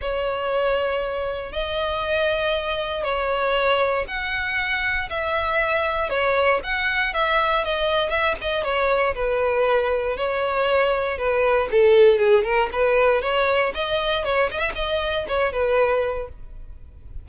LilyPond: \new Staff \with { instrumentName = "violin" } { \time 4/4 \tempo 4 = 118 cis''2. dis''4~ | dis''2 cis''2 | fis''2 e''2 | cis''4 fis''4 e''4 dis''4 |
e''8 dis''8 cis''4 b'2 | cis''2 b'4 a'4 | gis'8 ais'8 b'4 cis''4 dis''4 | cis''8 dis''16 e''16 dis''4 cis''8 b'4. | }